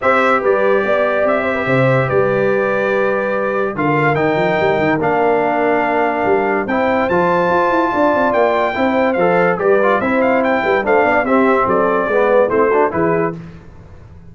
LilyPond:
<<
  \new Staff \with { instrumentName = "trumpet" } { \time 4/4 \tempo 4 = 144 e''4 d''2 e''4~ | e''4 d''2.~ | d''4 f''4 g''2 | f''1 |
g''4 a''2. | g''2 f''4 d''4 | e''8 f''8 g''4 f''4 e''4 | d''2 c''4 b'4 | }
  \new Staff \with { instrumentName = "horn" } { \time 4/4 c''4 b'4 d''4. c''16 b'16 | c''4 b'2.~ | b'4 ais'2.~ | ais'1 |
c''2. d''4~ | d''4 c''2 b'4 | c''4. b'8 c''8 d''8 g'4 | a'4 b'4 e'8 fis'8 gis'4 | }
  \new Staff \with { instrumentName = "trombone" } { \time 4/4 g'1~ | g'1~ | g'4 f'4 dis'2 | d'1 |
e'4 f'2.~ | f'4 e'4 a'4 g'8 f'8 | e'2 d'4 c'4~ | c'4 b4 c'8 d'8 e'4 | }
  \new Staff \with { instrumentName = "tuba" } { \time 4/4 c'4 g4 b4 c'4 | c4 g2.~ | g4 d4 dis8 f8 g8 dis8 | ais2. g4 |
c'4 f4 f'8 e'8 d'8 c'8 | ais4 c'4 f4 g4 | c'4. g8 a8 b8 c'4 | fis4 gis4 a4 e4 | }
>>